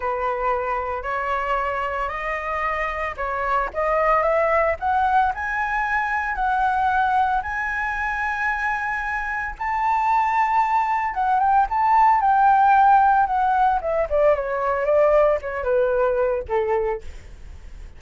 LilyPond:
\new Staff \with { instrumentName = "flute" } { \time 4/4 \tempo 4 = 113 b'2 cis''2 | dis''2 cis''4 dis''4 | e''4 fis''4 gis''2 | fis''2 gis''2~ |
gis''2 a''2~ | a''4 fis''8 g''8 a''4 g''4~ | g''4 fis''4 e''8 d''8 cis''4 | d''4 cis''8 b'4. a'4 | }